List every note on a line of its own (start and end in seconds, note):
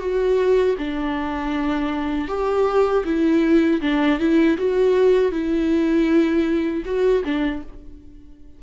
0.00 0.76 F#4
0.78 2.28 D4
2.28 3.04 G4
3.05 3.81 E4
3.81 4.19 D4
4.19 4.57 E4
4.58 5.32 F#4
5.32 6.84 E4
6.85 7.23 F#4
7.25 7.63 D4